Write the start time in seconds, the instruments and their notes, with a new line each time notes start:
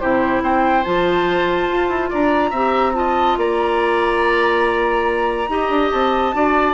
0.00 bassoon C3, clarinet E4, oboe G4, flute C5
0.43 bassoon C4, oboe C5, flute G5
0.84 bassoon F3, clarinet F4, flute A5
1.69 bassoon F4
1.89 bassoon E4
2.10 bassoon D4, oboe D5, flute A#5
2.51 bassoon C4, clarinet G4, oboe E5
2.94 clarinet F4, oboe D#5, flute A5
3.38 bassoon A#3, oboe D5, flute A#5
5.49 bassoon D#4, clarinet G4, oboe D#5
5.69 bassoon D4
5.92 bassoon C4, flute A5
6.34 bassoon D4, clarinet F#4, oboe D5